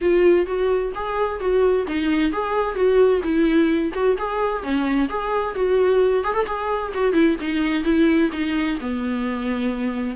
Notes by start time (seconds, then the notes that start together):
0.01 F4
0.46 F#4
0.94 G#4
1.40 F#4
1.87 D#4
2.32 G#4
2.75 F#4
3.23 E4
3.93 F#4
4.17 G#4
4.62 C#4
5.09 G#4
5.54 F#4
6.23 G#4
6.34 A4
6.46 G#4
6.94 F#4
7.12 E4
7.40 D#4
7.83 E4
8.32 D#4
8.80 B3